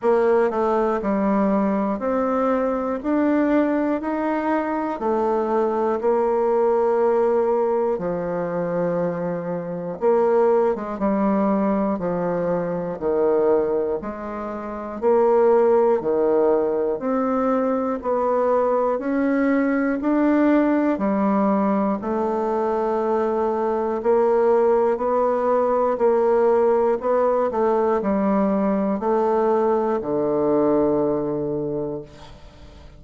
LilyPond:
\new Staff \with { instrumentName = "bassoon" } { \time 4/4 \tempo 4 = 60 ais8 a8 g4 c'4 d'4 | dis'4 a4 ais2 | f2 ais8. gis16 g4 | f4 dis4 gis4 ais4 |
dis4 c'4 b4 cis'4 | d'4 g4 a2 | ais4 b4 ais4 b8 a8 | g4 a4 d2 | }